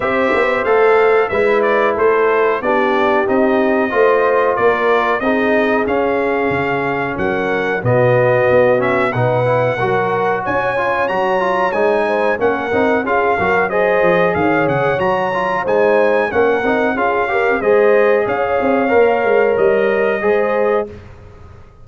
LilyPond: <<
  \new Staff \with { instrumentName = "trumpet" } { \time 4/4 \tempo 4 = 92 e''4 f''4 e''8 d''8 c''4 | d''4 dis''2 d''4 | dis''4 f''2 fis''4 | dis''4. e''8 fis''2 |
gis''4 ais''4 gis''4 fis''4 | f''4 dis''4 f''8 fis''8 ais''4 | gis''4 fis''4 f''4 dis''4 | f''2 dis''2 | }
  \new Staff \with { instrumentName = "horn" } { \time 4/4 c''2 b'4 a'4 | g'2 c''4 ais'4 | gis'2. ais'4 | fis'2 b'4 ais'4 |
cis''2~ cis''8 c''8 ais'4 | gis'8 ais'8 c''4 cis''2 | c''4 ais'4 gis'8 ais'8 c''4 | cis''2. c''4 | }
  \new Staff \with { instrumentName = "trombone" } { \time 4/4 g'4 a'4 e'2 | d'4 dis'4 f'2 | dis'4 cis'2. | b4. cis'8 dis'8 e'8 fis'4~ |
fis'8 f'8 fis'8 f'8 dis'4 cis'8 dis'8 | f'8 fis'8 gis'2 fis'8 f'8 | dis'4 cis'8 dis'8 f'8 g'8 gis'4~ | gis'4 ais'2 gis'4 | }
  \new Staff \with { instrumentName = "tuba" } { \time 4/4 c'8 b8 a4 gis4 a4 | b4 c'4 a4 ais4 | c'4 cis'4 cis4 fis4 | b,4 b4 b,4 fis4 |
cis'4 fis4 gis4 ais8 c'8 | cis'8 fis4 f8 dis8 cis8 fis4 | gis4 ais8 c'8 cis'4 gis4 | cis'8 c'8 ais8 gis8 g4 gis4 | }
>>